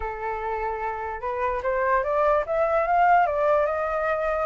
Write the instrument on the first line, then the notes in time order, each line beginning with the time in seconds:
flute
0.00 A4
1.21 B4
1.63 C5
2.03 D5
2.46 E5
2.87 F5
3.26 D5
3.66 D#5